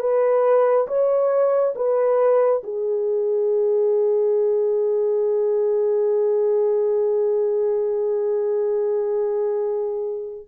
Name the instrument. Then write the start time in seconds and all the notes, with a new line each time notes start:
horn
0.00 B4
0.87 C#5
1.75 B4
2.63 G#4